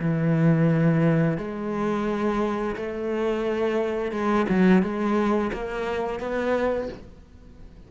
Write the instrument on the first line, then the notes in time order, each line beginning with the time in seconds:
cello
0.00 E3
1.38 G#3
2.76 A3
4.12 G#3
4.50 F#3
4.83 G#3
5.53 A#3
6.20 B3